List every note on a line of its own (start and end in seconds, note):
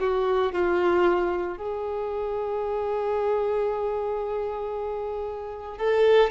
0.00 0.53 F#4
0.53 1.58 F4
1.58 5.78 G#4
5.78 6.31 A4